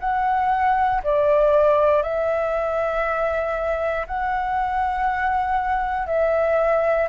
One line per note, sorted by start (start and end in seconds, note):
0.00 1.02 F#5
1.04 2.02 D5
2.02 4.06 E5
4.07 6.06 F#5
6.06 7.08 E5